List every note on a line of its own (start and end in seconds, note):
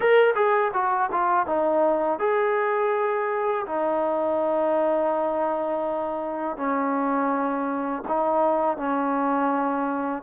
0.00 0.34 A#4
0.35 0.71 G#4
0.73 1.10 F#4
1.11 1.46 F4
1.46 2.19 D#4
2.19 3.65 G#4
3.66 6.56 D#4
6.56 8.03 C#4
8.08 8.77 D#4
8.77 10.22 C#4